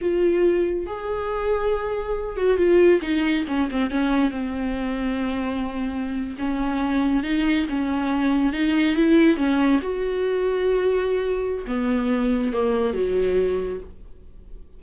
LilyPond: \new Staff \with { instrumentName = "viola" } { \time 4/4 \tempo 4 = 139 f'2 gis'2~ | gis'4. fis'8 f'4 dis'4 | cis'8 c'8 cis'4 c'2~ | c'2~ c'8. cis'4~ cis'16~ |
cis'8. dis'4 cis'2 dis'16~ | dis'8. e'4 cis'4 fis'4~ fis'16~ | fis'2. b4~ | b4 ais4 fis2 | }